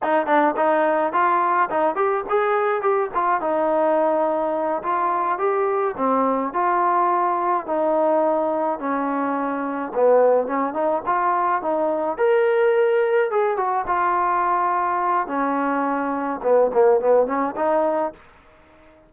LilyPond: \new Staff \with { instrumentName = "trombone" } { \time 4/4 \tempo 4 = 106 dis'8 d'8 dis'4 f'4 dis'8 g'8 | gis'4 g'8 f'8 dis'2~ | dis'8 f'4 g'4 c'4 f'8~ | f'4. dis'2 cis'8~ |
cis'4. b4 cis'8 dis'8 f'8~ | f'8 dis'4 ais'2 gis'8 | fis'8 f'2~ f'8 cis'4~ | cis'4 b8 ais8 b8 cis'8 dis'4 | }